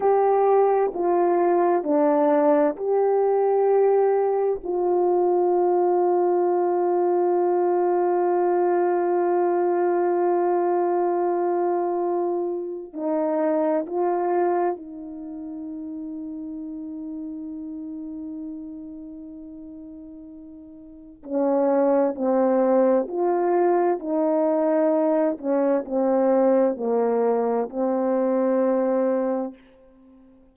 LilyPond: \new Staff \with { instrumentName = "horn" } { \time 4/4 \tempo 4 = 65 g'4 f'4 d'4 g'4~ | g'4 f'2.~ | f'1~ | f'2 dis'4 f'4 |
dis'1~ | dis'2. cis'4 | c'4 f'4 dis'4. cis'8 | c'4 ais4 c'2 | }